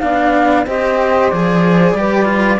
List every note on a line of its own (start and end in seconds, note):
0.00 0.67 B3
0.00 0.66 D4
0.00 0.66 D5
0.00 0.65 F5
0.66 1.32 C4
0.66 1.32 G4
0.66 1.97 C5
0.66 1.30 D#5
1.30 1.93 F3
1.30 1.98 G#4
1.30 2.60 D5
1.93 2.59 G3
1.93 2.25 G4
1.93 2.60 B4
2.25 2.58 F4